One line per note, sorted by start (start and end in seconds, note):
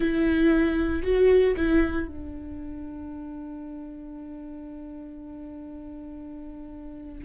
0.00 1.03 E4
1.03 1.54 F#4
1.57 2.07 E4
2.07 7.24 D4